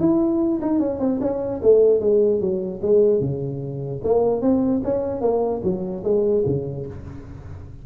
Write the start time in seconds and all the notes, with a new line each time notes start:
0.00 E4
0.62 D#4
0.79 C#4
1.00 C4
1.21 C#4
1.63 A3
2.01 G#3
2.41 F#3
2.82 G#3
3.21 C#3
4.04 A#3
4.41 C4
4.84 C#4
5.21 A#3
5.63 F#3
6.04 G#3
6.46 C#3